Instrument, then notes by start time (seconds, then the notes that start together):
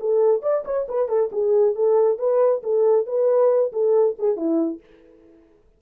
horn
0.00 A4
0.42 D5
0.65 C#5
0.88 B4
1.08 A4
1.32 G#4
1.75 A4
2.18 B4
2.63 A4
3.06 B4
3.72 A4
4.18 G#4
4.36 E4